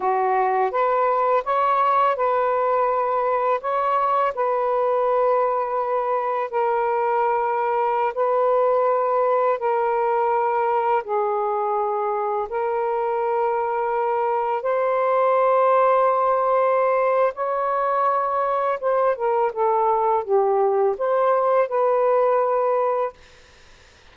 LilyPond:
\new Staff \with { instrumentName = "saxophone" } { \time 4/4 \tempo 4 = 83 fis'4 b'4 cis''4 b'4~ | b'4 cis''4 b'2~ | b'4 ais'2~ ais'16 b'8.~ | b'4~ b'16 ais'2 gis'8.~ |
gis'4~ gis'16 ais'2~ ais'8.~ | ais'16 c''2.~ c''8. | cis''2 c''8 ais'8 a'4 | g'4 c''4 b'2 | }